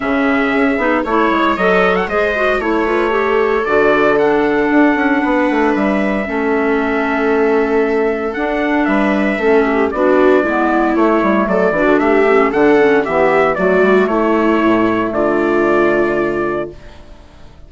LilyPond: <<
  \new Staff \with { instrumentName = "trumpet" } { \time 4/4 \tempo 4 = 115 e''2 cis''4 dis''8. fis''16 | dis''4 cis''2 d''4 | fis''2. e''4~ | e''1 |
fis''4 e''2 d''4~ | d''4 cis''4 d''4 e''4 | fis''4 e''4 d''4 cis''4~ | cis''4 d''2. | }
  \new Staff \with { instrumentName = "viola" } { \time 4/4 gis'2 cis''2 | c''4 cis''8 b'8 a'2~ | a'2 b'2 | a'1~ |
a'4 b'4 a'8 g'8 fis'4 | e'2 a'8 fis'8 g'4 | a'4 g'4 fis'4 e'4~ | e'4 f'2. | }
  \new Staff \with { instrumentName = "clarinet" } { \time 4/4 cis'4. dis'8 e'4 a'4 | gis'8 fis'8 e'8 f'8 g'4 fis'4 | d'1 | cis'1 |
d'2 cis'4 d'4 | b4 a4. d'4 cis'8 | d'8 cis'8 b4 a2~ | a1 | }
  \new Staff \with { instrumentName = "bassoon" } { \time 4/4 cis4 cis'8 b8 a8 gis8 fis4 | gis4 a2 d4~ | d4 d'8 cis'8 b8 a8 g4 | a1 |
d'4 g4 a4 b4 | gis4 a8 g8 fis8 e16 d16 a4 | d4 e4 fis8 g8 a4 | a,4 d2. | }
>>